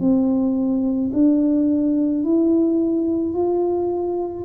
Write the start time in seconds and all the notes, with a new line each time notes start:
0.00 C4
1.13 D4
2.24 E4
3.34 F4